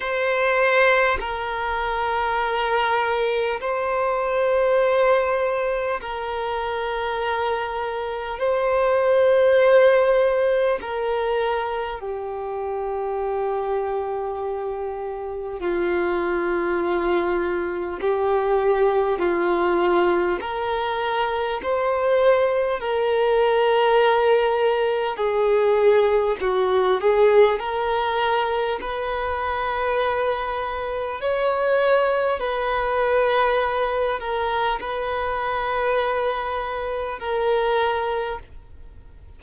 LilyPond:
\new Staff \with { instrumentName = "violin" } { \time 4/4 \tempo 4 = 50 c''4 ais'2 c''4~ | c''4 ais'2 c''4~ | c''4 ais'4 g'2~ | g'4 f'2 g'4 |
f'4 ais'4 c''4 ais'4~ | ais'4 gis'4 fis'8 gis'8 ais'4 | b'2 cis''4 b'4~ | b'8 ais'8 b'2 ais'4 | }